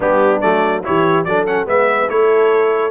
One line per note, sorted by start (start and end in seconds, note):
0.00 0.42 G3
0.00 0.41 B3
0.00 0.84 D4
0.00 0.40 G4
0.40 0.85 F#3
0.40 0.83 A3
0.40 0.82 D5
0.83 1.25 E3
0.83 1.25 E4
0.83 1.27 G4
0.83 1.24 C#5
1.24 1.66 F#3
1.24 1.47 D4
1.24 1.69 A4
1.24 1.45 D5
1.46 1.65 C#4
1.46 1.67 F#5
1.65 2.08 G#3
1.65 2.07 B3
1.65 2.11 B4
1.65 2.09 E5
2.08 2.90 A3
2.08 2.90 E4
2.08 2.90 A4
2.08 2.90 C#5